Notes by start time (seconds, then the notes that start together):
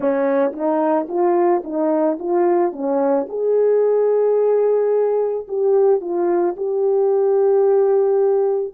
0.00 C#4
0.52 D#4
1.08 F4
1.64 D#4
2.19 F4
2.72 C#4
3.28 G#4
5.48 G4
6.00 F4
6.57 G4